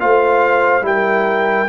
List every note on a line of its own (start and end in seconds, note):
0.00 0.82 A3
0.00 0.82 F4
0.00 0.86 C5
0.00 0.85 F5
0.82 1.66 G3
0.82 1.66 E4
0.82 1.69 A#4
0.82 1.69 G5